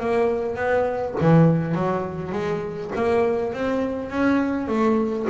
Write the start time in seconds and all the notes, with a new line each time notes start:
0.00 A#3
0.56 B3
1.21 E3
1.75 F#3
2.32 G#3
2.96 A#3
3.54 C4
4.10 C#4
4.68 A3